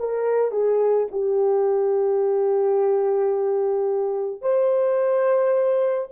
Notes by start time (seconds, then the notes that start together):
0.00 A#4
0.52 G#4
1.12 G4
4.42 C5